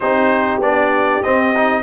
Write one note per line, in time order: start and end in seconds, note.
0.00 0.59 C4
0.00 0.61 D#4
0.00 1.83 G4
0.00 0.61 C5
0.59 1.20 B3
0.59 1.23 D4
0.59 1.23 D5
1.23 1.54 C4
1.23 1.83 C4
1.23 1.83 D#5
1.56 1.83 D#4